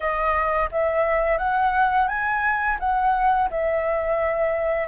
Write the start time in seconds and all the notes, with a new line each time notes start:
0.00 D#5
0.71 E5
1.38 F#5
2.07 G#5
2.79 F#5
3.50 E5